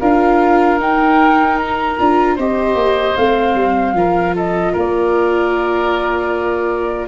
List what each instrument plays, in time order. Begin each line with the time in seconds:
0.00 tuba D4, viola F4, oboe A#4, flute F5
0.78 tuba D#4, viola D#4, flute G5
1.57 flute A#5
1.99 tuba D4, viola F4
2.35 tuba C4, viola G4, oboe C5, flute D#5
2.74 tuba A#3
3.16 tuba A3, viola C4, flute F5
3.54 tuba G3
3.93 tuba F3, viola F4, oboe A#4
4.35 oboe A4, flute D#5
4.72 tuba A#3, oboe A#4, flute D5